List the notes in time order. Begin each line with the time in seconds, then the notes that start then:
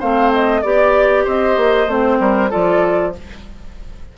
0.00 A3 C4 C5 F5
0.33 D#5
0.62 B3 G4 D5
1.25 C4 C5 D#5
1.57 A#3
1.88 A3 C4 C5
2.20 G3 A#4
2.50 F3 F4 A4 D5